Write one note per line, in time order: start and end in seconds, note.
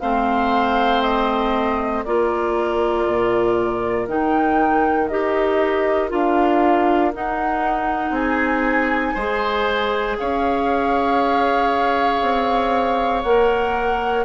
0.00 2.04 A3
0.00 2.05 C4
0.00 2.04 C5
0.00 1.01 F5
1.01 2.03 D#5
2.04 3.06 A#3
2.04 4.08 F4
2.04 8.13 A#4
2.04 4.07 D5
3.06 4.07 A#2
4.07 5.09 D#3
4.07 5.10 D#4
4.07 5.07 G5
5.07 6.12 D#4
5.07 6.09 G4
5.07 6.09 D#5
6.09 7.14 D4
6.09 7.11 F4
6.09 7.13 F5
7.13 9.17 D#4
7.13 8.10 D#4
7.13 8.15 F#5
8.10 9.12 C4
8.10 9.14 G#4
8.10 10.18 G#5
9.14 10.17 G#3
9.14 13.24 G#4
9.14 10.15 C5
10.18 12.22 C#4
10.18 14.25 C#5
10.18 13.22 F5
12.22 13.23 C4
13.22 14.25 A#3
13.22 14.25 A#4
13.22 14.24 F#5